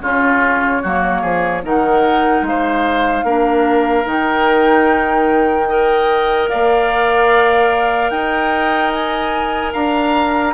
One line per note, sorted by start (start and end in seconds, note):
0.00 0.81 C#3
0.00 0.84 C#4
0.00 0.82 F4
0.00 1.64 C#5
0.82 1.23 F#3
0.82 1.63 A#3
0.82 1.21 F#4
1.21 1.63 F3
1.21 1.61 G#4
1.63 2.41 D#3
1.63 3.25 D#4
1.63 2.46 A#4
1.63 2.45 F#5
2.41 3.22 G#3
2.41 4.08 F5
2.48 3.25 C5
3.23 4.05 A#3
3.23 4.04 D4
3.23 5.68 A#4
4.04 6.48 D#3
4.04 5.66 D#4
4.04 6.48 G5
5.69 10.54 A#4
5.69 6.49 D#5
6.48 8.10 A#3
6.48 8.11 D5
6.48 8.09 F5
8.09 9.72 D#4
8.09 9.72 D#5
8.09 8.90 G5
8.91 9.72 G#5
9.72 10.54 D4
9.72 10.53 F5
9.72 10.54 A#5